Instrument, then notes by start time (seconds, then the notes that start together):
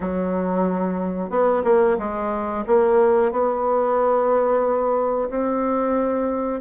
bassoon
0.00 F#3
1.29 B3
1.64 A#3
1.98 G#3
2.66 A#3
3.31 B3
5.29 C4